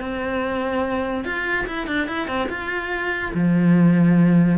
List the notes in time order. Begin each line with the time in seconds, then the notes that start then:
0.00 C4
1.25 F4
1.67 E4
1.87 D4
2.07 E4
2.27 C4
2.49 F4
3.34 F3